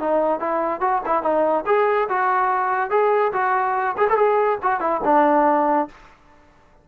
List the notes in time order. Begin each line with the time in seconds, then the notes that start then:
0.00 D#4
0.40 E4
0.81 F#4
1.06 E4
1.23 D#4
1.67 G#4
2.09 F#4
2.91 G#4
3.33 F#4
3.98 G#4
4.10 A4
4.17 G#4
4.63 F#4
4.80 E4
5.05 D4